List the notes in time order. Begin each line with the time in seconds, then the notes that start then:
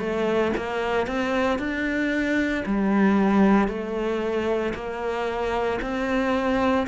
0.00 A3
0.57 A#3
1.08 C4
1.59 D4
2.66 G3
3.68 A3
4.75 A#3
5.82 C4